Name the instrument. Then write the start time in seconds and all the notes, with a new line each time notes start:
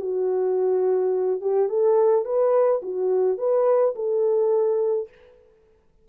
horn
0.00 F#4
1.40 G4
1.69 A4
2.25 B4
2.82 F#4
3.38 B4
3.95 A4